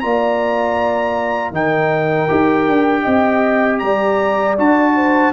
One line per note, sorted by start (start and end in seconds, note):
0.00 1.51 A#3
0.00 1.53 F4
0.00 1.55 D5
0.00 1.52 A#5
1.51 2.27 D#3
1.51 2.29 D#4
1.51 3.02 A#4
1.51 3.79 G5
2.29 2.68 D#4
2.29 4.56 G4
2.68 3.06 D4
3.02 3.82 C4
3.02 3.78 D#5
3.79 4.58 G3
3.79 4.95 D5
3.79 4.55 A#5
4.58 5.33 D4
4.58 5.33 F#4
4.58 5.33 A5
4.95 5.33 C5